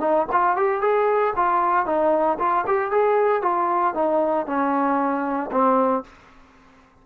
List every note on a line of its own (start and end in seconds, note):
0.00 0.26 D#4
0.32 0.56 F4
0.56 0.81 G4
0.81 1.33 G#4
1.36 1.86 F4
1.86 2.38 D#4
2.39 2.65 F4
2.67 2.91 G4
2.91 3.42 G#4
3.42 3.94 F4
3.94 4.46 D#4
4.46 5.50 C#4
5.51 6.04 C4